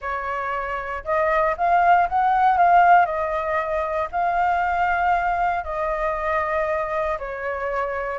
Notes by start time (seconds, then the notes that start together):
0.01 C#5
1.04 D#5
1.57 F5
2.09 F#5
2.57 F5
3.05 D#5
4.11 F5
5.64 D#5
7.18 C#5